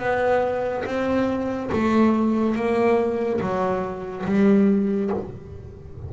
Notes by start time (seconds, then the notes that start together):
0.00 B3
0.86 C4
1.72 A3
2.56 A#3
3.41 F#3
4.26 G3